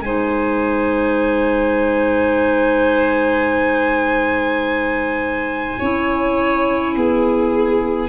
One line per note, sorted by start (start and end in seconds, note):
0.00 5.77 G#3
0.00 5.81 D#4
0.00 5.79 C5
0.00 8.09 G#5
5.79 6.96 C#4
5.79 8.09 E4
5.79 6.94 C#5
6.96 8.09 B3
6.96 8.09 G#4